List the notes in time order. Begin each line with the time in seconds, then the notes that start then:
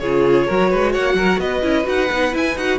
0.00 C#3 F4 G#4 C#5
0.47 F#3 F#4 A#4
0.71 G#3 B4
0.93 A#3 C#5 F#5
1.14 F#3 A#4
1.39 B3 B4 D#5
1.63 C#4 E4
1.84 D#4 F#4 F#5
2.12 B3 D#4
2.32 E4 G#5
2.56 D#4 F#4 F#5